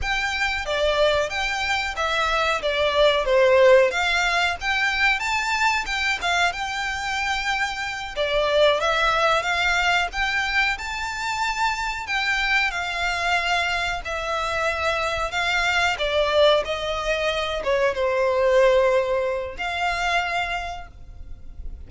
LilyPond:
\new Staff \with { instrumentName = "violin" } { \time 4/4 \tempo 4 = 92 g''4 d''4 g''4 e''4 | d''4 c''4 f''4 g''4 | a''4 g''8 f''8 g''2~ | g''8 d''4 e''4 f''4 g''8~ |
g''8 a''2 g''4 f''8~ | f''4. e''2 f''8~ | f''8 d''4 dis''4. cis''8 c''8~ | c''2 f''2 | }